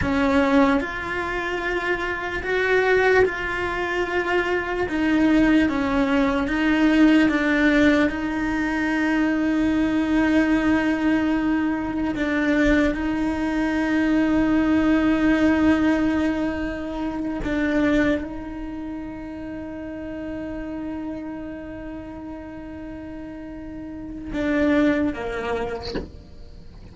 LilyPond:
\new Staff \with { instrumentName = "cello" } { \time 4/4 \tempo 4 = 74 cis'4 f'2 fis'4 | f'2 dis'4 cis'4 | dis'4 d'4 dis'2~ | dis'2. d'4 |
dis'1~ | dis'4. d'4 dis'4.~ | dis'1~ | dis'2 d'4 ais4 | }